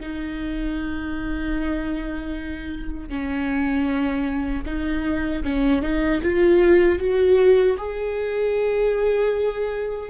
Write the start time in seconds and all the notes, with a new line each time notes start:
0.00 D#4
3.09 C#4
4.65 D#4
5.43 C#4
5.82 D#4
6.22 F4
6.99 F#4
7.77 G#4